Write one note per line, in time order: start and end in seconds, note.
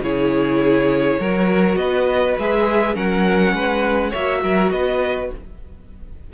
0.00 1.18 C#3
0.00 1.21 E4
0.00 1.19 G#4
0.00 1.76 C#5
1.19 1.76 F#3
1.19 2.38 F#4
1.19 1.78 A#4
1.76 2.35 B3
1.76 2.95 B4
1.76 2.35 D#5
2.38 2.95 G#3
2.38 2.94 G#4
2.38 2.96 E5
2.94 3.53 F#3
2.94 4.11 C#4
2.94 3.54 A#4
2.94 4.14 F#5
3.53 4.12 G#3
3.53 4.10 B4
4.10 4.43 A#3
4.10 5.34 F#4
4.10 4.40 C#5
4.10 4.71 E5
4.43 4.71 F#3
4.43 4.73 A#4
4.71 5.30 B3
4.71 5.33 B4
4.71 5.30 D#5